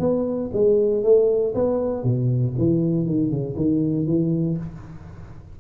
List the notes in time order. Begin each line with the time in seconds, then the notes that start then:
0.00 B3
0.53 G#3
1.04 A3
1.55 B3
2.04 B2
2.58 E3
3.06 D#3
3.30 C#3
3.56 D#3
4.07 E3